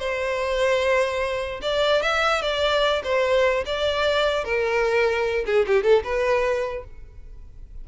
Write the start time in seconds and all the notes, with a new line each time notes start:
0.00 C5
1.62 D5
2.02 E5
2.42 D5
3.04 C5
3.66 D5
4.45 A#4
5.46 G#4
5.67 G4
5.84 A4
6.04 B4